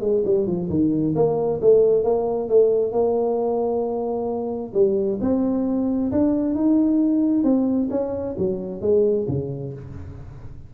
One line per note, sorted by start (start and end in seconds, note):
0.00 0.23 G#3
0.25 0.46 G3
0.46 0.69 F3
0.69 1.14 D#3
1.15 1.60 A#3
1.61 2.03 A3
2.03 2.48 A#3
2.48 2.92 A3
2.92 4.72 A#3
4.73 5.18 G3
5.20 6.11 C4
6.11 6.55 D4
6.55 7.43 D#4
7.43 7.88 C4
7.90 8.35 C#4
8.37 8.81 F#3
8.81 9.26 G#3
9.28 9.73 C#3